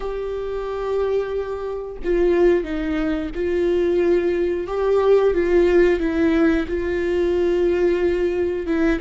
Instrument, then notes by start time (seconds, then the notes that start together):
viola
0.00 G4
2.04 F4
2.63 D#4
3.35 F4
4.67 G4
5.33 F4
5.99 E4
6.68 F4
8.66 E4